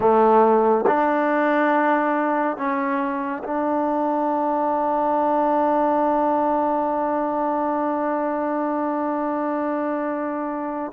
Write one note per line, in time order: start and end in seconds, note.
0.00 0.85 A3
0.87 2.57 D4
2.57 3.42 C#4
3.43 10.92 D4